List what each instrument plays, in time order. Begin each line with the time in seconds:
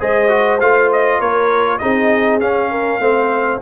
0.00 tuba G#3, trombone G#4, horn C5, trumpet D#5
0.29 trombone F#4
0.60 tuba A3, trombone F4, trumpet F5
0.92 trumpet D#5
1.20 tuba A#3, horn A#4, trumpet C#5
1.79 tuba C4, trombone D#4, horn G#4, trumpet D#5
2.41 trombone C#4, tuba C#4, trumpet F5
2.71 horn A#4
3.00 tuba A3, trombone C4, horn C5